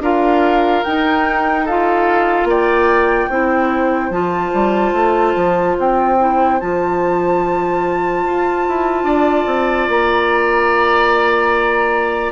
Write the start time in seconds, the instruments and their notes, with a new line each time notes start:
0.00 bassoon D4, clarinet F4, oboe A#4, flute F5
0.84 clarinet D#4, bassoon D#4, flute G5
1.65 clarinet F4, oboe A4, flute F5
2.44 bassoon A#3, oboe D5, flute G5
3.30 bassoon C4, clarinet E4, oboe C5
4.10 bassoon F3, clarinet F4, flute A5
4.54 bassoon G3
4.93 bassoon A3
5.36 bassoon F3
5.79 bassoon C4, flute G5
6.19 clarinet E4
6.60 bassoon F3, clarinet F4, flute A5
8.26 bassoon F4
8.68 bassoon E4
9.04 bassoon D4, oboe D5
9.47 bassoon C4
9.88 bassoon A#3, flute A#5